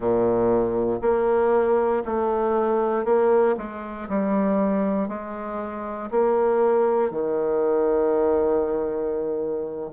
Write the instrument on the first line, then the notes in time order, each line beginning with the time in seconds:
bassoon
0.00 A#2
1.01 A#3
2.05 A3
3.05 A#3
3.57 G#3
4.09 G3
5.08 G#3
6.10 A#3
7.10 D#3